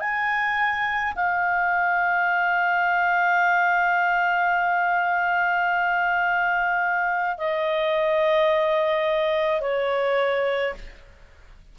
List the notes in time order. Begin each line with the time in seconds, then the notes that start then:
0.00 G#5
1.16 F5
7.37 D#5
9.61 C#5